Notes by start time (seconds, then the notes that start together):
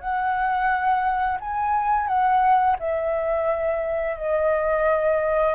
0.00 F#5
1.40 G#5
2.08 F#5
2.79 E5
4.17 D#5